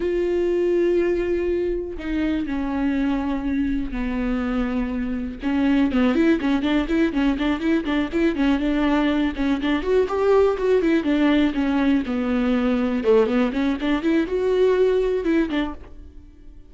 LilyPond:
\new Staff \with { instrumentName = "viola" } { \time 4/4 \tempo 4 = 122 f'1 | dis'4 cis'2. | b2. cis'4 | b8 e'8 cis'8 d'8 e'8 cis'8 d'8 e'8 |
d'8 e'8 cis'8 d'4. cis'8 d'8 | fis'8 g'4 fis'8 e'8 d'4 cis'8~ | cis'8 b2 a8 b8 cis'8 | d'8 e'8 fis'2 e'8 d'8 | }